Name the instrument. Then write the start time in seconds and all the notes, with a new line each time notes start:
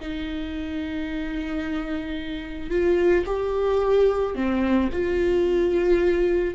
viola
0.00 D#4
2.70 F4
3.26 G4
4.35 C4
4.92 F4